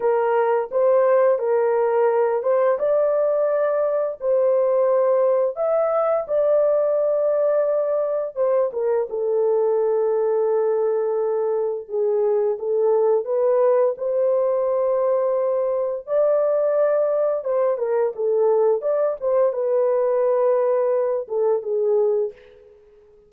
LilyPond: \new Staff \with { instrumentName = "horn" } { \time 4/4 \tempo 4 = 86 ais'4 c''4 ais'4. c''8 | d''2 c''2 | e''4 d''2. | c''8 ais'8 a'2.~ |
a'4 gis'4 a'4 b'4 | c''2. d''4~ | d''4 c''8 ais'8 a'4 d''8 c''8 | b'2~ b'8 a'8 gis'4 | }